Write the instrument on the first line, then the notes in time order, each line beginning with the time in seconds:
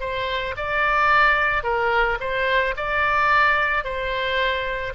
oboe
0.00 C5
0.57 D5
1.63 A#4
2.20 C5
2.76 D5
3.84 C5